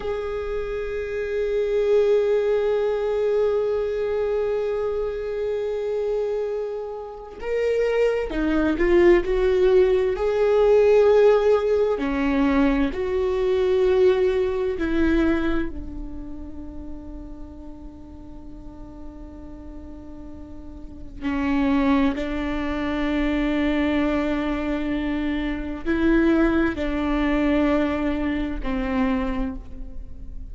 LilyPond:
\new Staff \with { instrumentName = "viola" } { \time 4/4 \tempo 4 = 65 gis'1~ | gis'1 | ais'4 dis'8 f'8 fis'4 gis'4~ | gis'4 cis'4 fis'2 |
e'4 d'2.~ | d'2. cis'4 | d'1 | e'4 d'2 c'4 | }